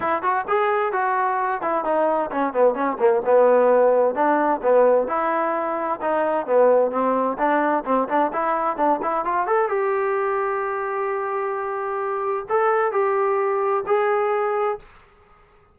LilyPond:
\new Staff \with { instrumentName = "trombone" } { \time 4/4 \tempo 4 = 130 e'8 fis'8 gis'4 fis'4. e'8 | dis'4 cis'8 b8 cis'8 ais8 b4~ | b4 d'4 b4 e'4~ | e'4 dis'4 b4 c'4 |
d'4 c'8 d'8 e'4 d'8 e'8 | f'8 a'8 g'2.~ | g'2. a'4 | g'2 gis'2 | }